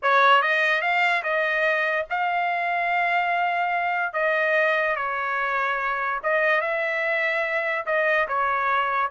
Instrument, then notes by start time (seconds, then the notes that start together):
trumpet
0.02 C#5
0.42 D#5
0.81 F5
1.23 D#5
2.10 F5
4.13 D#5
4.96 C#5
6.23 D#5
6.61 E5
7.86 D#5
8.28 C#5